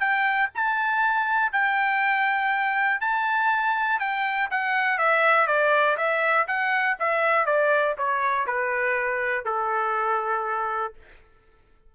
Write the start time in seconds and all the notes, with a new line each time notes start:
0.00 G5
0.55 A5
1.52 G5
3.01 A5
4.00 G5
4.51 F#5
4.98 E5
5.47 D5
5.97 E5
6.48 F#5
7.00 E5
7.46 D5
7.98 C#5
8.47 B4
9.45 A4